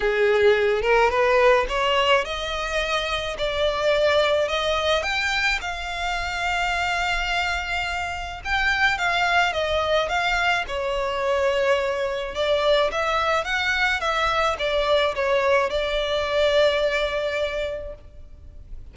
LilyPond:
\new Staff \with { instrumentName = "violin" } { \time 4/4 \tempo 4 = 107 gis'4. ais'8 b'4 cis''4 | dis''2 d''2 | dis''4 g''4 f''2~ | f''2. g''4 |
f''4 dis''4 f''4 cis''4~ | cis''2 d''4 e''4 | fis''4 e''4 d''4 cis''4 | d''1 | }